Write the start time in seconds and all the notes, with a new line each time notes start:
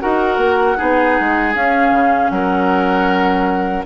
0.00 D#4 F#4 A#4 F#5
0.37 A#3
0.77 B3 D#4 G#4
1.20 G#3
1.55 C#4 F5
1.91 C#3
2.30 F#3 A#4 F#5